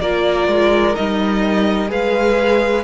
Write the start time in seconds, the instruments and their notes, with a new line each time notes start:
0.00 cello A#3, viola F4, violin A#4 D5
0.47 cello G#3
0.95 cello G3, viola D#4, violin D#5
1.87 cello G#3, viola G#4, violin B4 F5